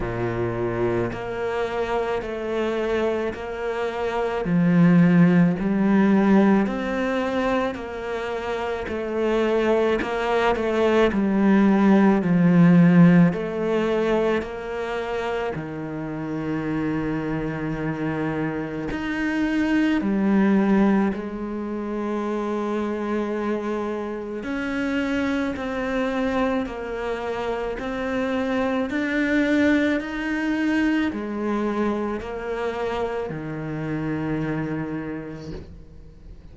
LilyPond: \new Staff \with { instrumentName = "cello" } { \time 4/4 \tempo 4 = 54 ais,4 ais4 a4 ais4 | f4 g4 c'4 ais4 | a4 ais8 a8 g4 f4 | a4 ais4 dis2~ |
dis4 dis'4 g4 gis4~ | gis2 cis'4 c'4 | ais4 c'4 d'4 dis'4 | gis4 ais4 dis2 | }